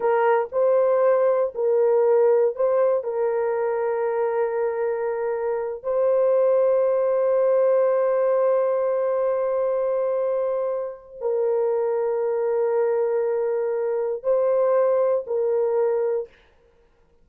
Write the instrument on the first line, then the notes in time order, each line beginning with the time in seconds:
horn
0.00 A#4
0.52 C5
1.54 A#4
2.55 C5
3.03 A#4
5.83 C5
11.20 A#4
14.23 C5
15.26 A#4